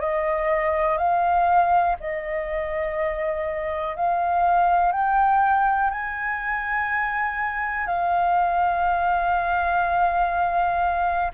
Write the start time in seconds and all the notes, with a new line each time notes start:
0.00 D#5
0.97 F5
2.00 D#5
3.96 F5
4.92 G5
5.90 G#5
7.86 F5